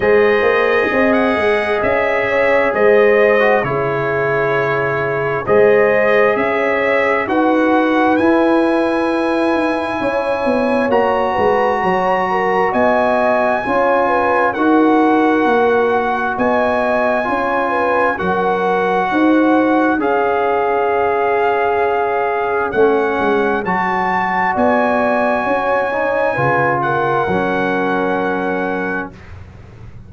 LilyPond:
<<
  \new Staff \with { instrumentName = "trumpet" } { \time 4/4 \tempo 4 = 66 dis''4~ dis''16 fis''8. e''4 dis''4 | cis''2 dis''4 e''4 | fis''4 gis''2. | ais''2 gis''2 |
fis''2 gis''2 | fis''2 f''2~ | f''4 fis''4 a''4 gis''4~ | gis''4. fis''2~ fis''8 | }
  \new Staff \with { instrumentName = "horn" } { \time 4/4 c''4 dis''4. cis''8 c''4 | gis'2 c''4 cis''4 | b'2. cis''4~ | cis''8 b'8 cis''8 ais'8 dis''4 cis''8 b'8 |
ais'2 dis''4 cis''8 b'8 | ais'4 c''4 cis''2~ | cis''2. d''4 | cis''4 b'8 ais'2~ ais'8 | }
  \new Staff \with { instrumentName = "trombone" } { \time 4/4 gis'2.~ gis'8. fis'16 | e'2 gis'2 | fis'4 e'2. | fis'2. f'4 |
fis'2. f'4 | fis'2 gis'2~ | gis'4 cis'4 fis'2~ | fis'8 dis'8 f'4 cis'2 | }
  \new Staff \with { instrumentName = "tuba" } { \time 4/4 gis8 ais8 c'8 gis8 cis'4 gis4 | cis2 gis4 cis'4 | dis'4 e'4. dis'8 cis'8 b8 | ais8 gis8 fis4 b4 cis'4 |
dis'4 ais4 b4 cis'4 | fis4 dis'4 cis'2~ | cis'4 a8 gis8 fis4 b4 | cis'4 cis4 fis2 | }
>>